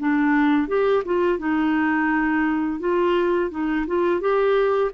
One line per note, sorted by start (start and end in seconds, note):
0.00 0.68 D4
0.68 1.04 G4
1.05 1.39 F4
1.39 2.80 D#4
2.80 3.51 F4
3.51 3.86 D#4
3.88 4.21 F4
4.21 4.92 G4